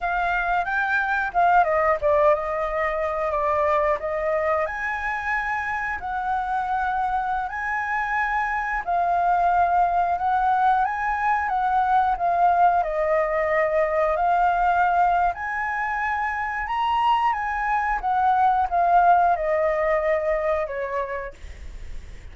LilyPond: \new Staff \with { instrumentName = "flute" } { \time 4/4 \tempo 4 = 90 f''4 g''4 f''8 dis''8 d''8 dis''8~ | dis''4 d''4 dis''4 gis''4~ | gis''4 fis''2~ fis''16 gis''8.~ | gis''4~ gis''16 f''2 fis''8.~ |
fis''16 gis''4 fis''4 f''4 dis''8.~ | dis''4~ dis''16 f''4.~ f''16 gis''4~ | gis''4 ais''4 gis''4 fis''4 | f''4 dis''2 cis''4 | }